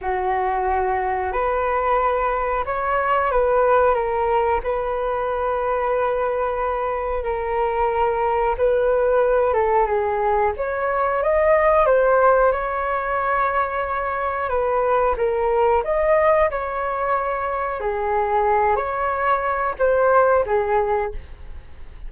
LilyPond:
\new Staff \with { instrumentName = "flute" } { \time 4/4 \tempo 4 = 91 fis'2 b'2 | cis''4 b'4 ais'4 b'4~ | b'2. ais'4~ | ais'4 b'4. a'8 gis'4 |
cis''4 dis''4 c''4 cis''4~ | cis''2 b'4 ais'4 | dis''4 cis''2 gis'4~ | gis'8 cis''4. c''4 gis'4 | }